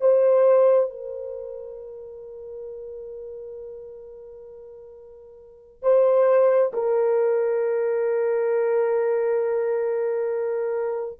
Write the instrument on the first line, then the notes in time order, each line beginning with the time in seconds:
horn
0.00 C5
0.90 A#4
5.82 C5
6.73 A#4